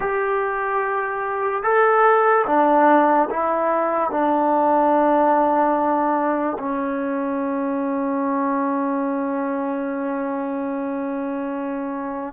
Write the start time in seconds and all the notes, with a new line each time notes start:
0.00 G4
1.63 A4
2.47 D4
3.30 E4
4.10 D4
6.58 C#4